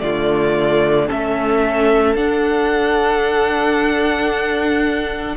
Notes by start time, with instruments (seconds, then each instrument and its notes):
0.00 cello D3, viola A3, violin F4 D5
1.06 cello A3, viola C#4, violin A4 E5
2.14 cello D4, viola D4, violin F#5